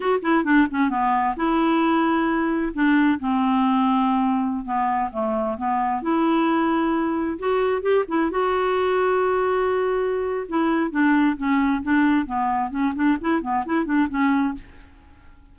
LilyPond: \new Staff \with { instrumentName = "clarinet" } { \time 4/4 \tempo 4 = 132 fis'8 e'8 d'8 cis'8 b4 e'4~ | e'2 d'4 c'4~ | c'2~ c'16 b4 a8.~ | a16 b4 e'2~ e'8.~ |
e'16 fis'4 g'8 e'8 fis'4.~ fis'16~ | fis'2. e'4 | d'4 cis'4 d'4 b4 | cis'8 d'8 e'8 b8 e'8 d'8 cis'4 | }